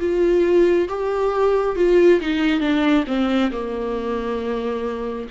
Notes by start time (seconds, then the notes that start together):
0.00 F4
0.89 G4
1.76 F4
2.21 D#4
2.60 D4
3.07 C4
3.52 A#3